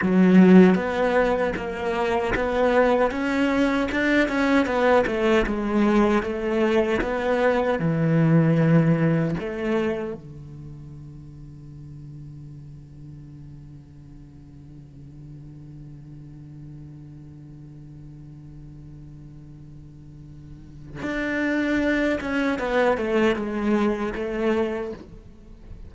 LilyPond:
\new Staff \with { instrumentName = "cello" } { \time 4/4 \tempo 4 = 77 fis4 b4 ais4 b4 | cis'4 d'8 cis'8 b8 a8 gis4 | a4 b4 e2 | a4 d2.~ |
d1~ | d1~ | d2. d'4~ | d'8 cis'8 b8 a8 gis4 a4 | }